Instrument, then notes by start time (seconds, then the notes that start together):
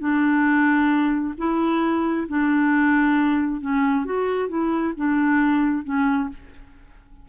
clarinet
0.00 D4
1.38 E4
2.28 D4
3.61 C#4
4.05 F#4
4.49 E4
4.96 D4
5.85 C#4